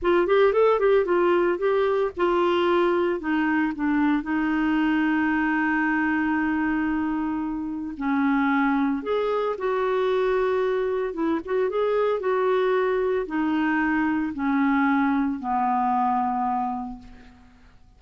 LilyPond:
\new Staff \with { instrumentName = "clarinet" } { \time 4/4 \tempo 4 = 113 f'8 g'8 a'8 g'8 f'4 g'4 | f'2 dis'4 d'4 | dis'1~ | dis'2. cis'4~ |
cis'4 gis'4 fis'2~ | fis'4 e'8 fis'8 gis'4 fis'4~ | fis'4 dis'2 cis'4~ | cis'4 b2. | }